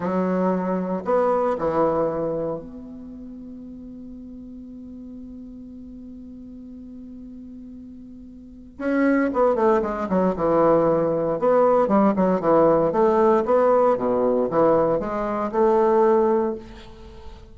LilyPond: \new Staff \with { instrumentName = "bassoon" } { \time 4/4 \tempo 4 = 116 fis2 b4 e4~ | e4 b2.~ | b1~ | b1~ |
b4 cis'4 b8 a8 gis8 fis8 | e2 b4 g8 fis8 | e4 a4 b4 b,4 | e4 gis4 a2 | }